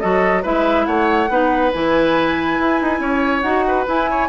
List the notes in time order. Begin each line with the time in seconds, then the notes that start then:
0.00 F#3 F#4 A4 D#5
0.43 G#3 E4 B4 E5
0.86 A3 C#5 F#5
1.29 B3 D#4 B4
1.74 E3 E4 G#5
2.59 E4
2.82 D#4
3.00 C#4 C#5
3.42 D#4 F#4 F#5
3.68 B4
3.87 E4 G#5
4.11 C#5